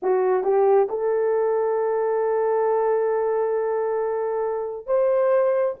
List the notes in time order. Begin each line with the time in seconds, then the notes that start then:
0.02 F#4
0.43 G4
0.89 A4
4.86 C5